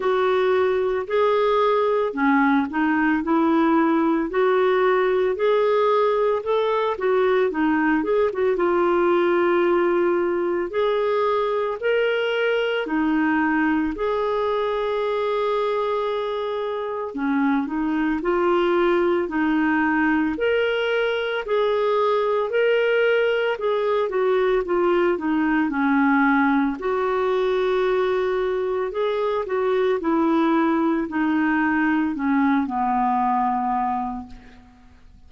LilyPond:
\new Staff \with { instrumentName = "clarinet" } { \time 4/4 \tempo 4 = 56 fis'4 gis'4 cis'8 dis'8 e'4 | fis'4 gis'4 a'8 fis'8 dis'8 gis'16 fis'16 | f'2 gis'4 ais'4 | dis'4 gis'2. |
cis'8 dis'8 f'4 dis'4 ais'4 | gis'4 ais'4 gis'8 fis'8 f'8 dis'8 | cis'4 fis'2 gis'8 fis'8 | e'4 dis'4 cis'8 b4. | }